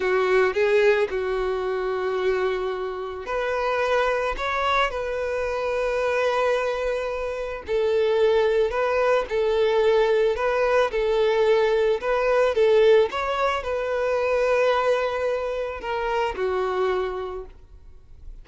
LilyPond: \new Staff \with { instrumentName = "violin" } { \time 4/4 \tempo 4 = 110 fis'4 gis'4 fis'2~ | fis'2 b'2 | cis''4 b'2.~ | b'2 a'2 |
b'4 a'2 b'4 | a'2 b'4 a'4 | cis''4 b'2.~ | b'4 ais'4 fis'2 | }